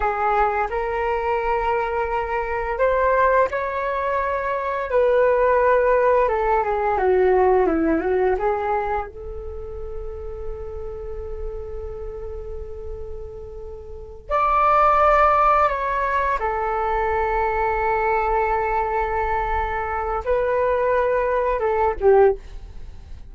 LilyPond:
\new Staff \with { instrumentName = "flute" } { \time 4/4 \tempo 4 = 86 gis'4 ais'2. | c''4 cis''2 b'4~ | b'4 a'8 gis'8 fis'4 e'8 fis'8 | gis'4 a'2.~ |
a'1~ | a'8 d''2 cis''4 a'8~ | a'1~ | a'4 b'2 a'8 g'8 | }